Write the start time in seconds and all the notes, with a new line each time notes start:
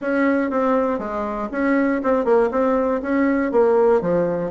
0.01 C#4
0.50 C4
0.98 G#3
1.51 C#4
2.03 C4
2.24 A#3
2.51 C4
3.01 C#4
3.51 A#3
4.01 F3